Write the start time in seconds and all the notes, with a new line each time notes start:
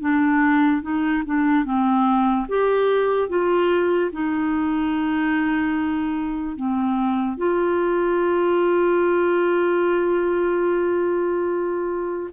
0.00 D4
0.81 D#4
1.25 D4
1.64 C4
2.48 G4
3.28 F4
4.12 D#4
6.55 C4
7.37 F4